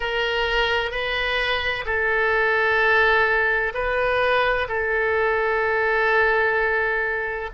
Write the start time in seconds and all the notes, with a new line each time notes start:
0.00 A#4
0.91 B4
1.85 A4
3.73 B4
4.68 A4